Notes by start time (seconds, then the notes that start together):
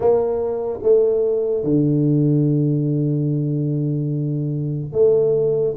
0.00 A#3
0.82 A3
1.63 D3
4.92 A3